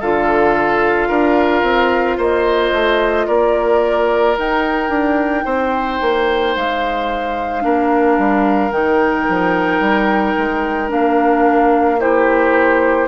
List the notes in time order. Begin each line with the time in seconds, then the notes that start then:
0.00 D3 F4 A4 F5
1.08 D4 A#4
1.63 C4
2.17 A#3 C5 D#5
2.72 A3
3.27 A#3 A#4 D5
4.37 D#4 G5
4.89 D4
5.45 C4 C5
6.01 A#3
6.56 G#3 F5
7.61 A#3 D4 A#4
8.18 G3
8.71 D#3 D#4 G5
9.29 F3
9.80 G3
10.37 G#3
10.88 A#3 D4 F5
12.00 E4 G4 C5